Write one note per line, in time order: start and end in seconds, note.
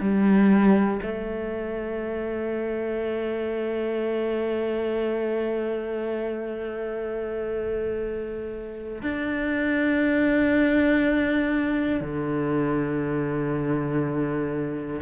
0.00 1.00 G3
1.02 9.02 A3
9.02 12.01 D4
12.01 15.01 D3